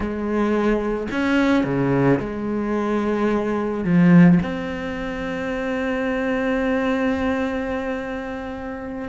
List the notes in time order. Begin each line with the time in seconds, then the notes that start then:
0.00 G#3
1.11 C#4
1.64 C#3
2.19 G#3
3.84 F3
4.42 C4